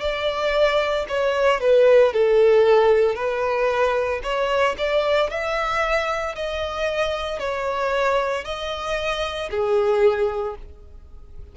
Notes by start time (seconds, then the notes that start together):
0.00 D5
1.08 C#5
1.60 B4
2.13 A4
3.15 B4
4.23 C#5
4.78 D5
5.30 E5
6.35 D#5
7.39 C#5
8.44 D#5
9.50 G#4